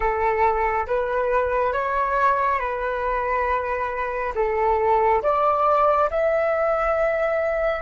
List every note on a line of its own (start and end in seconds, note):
0.00 0.86 A4
0.87 1.72 B4
1.72 2.59 C#5
2.59 4.33 B4
4.35 5.22 A4
5.22 6.09 D5
6.10 7.81 E5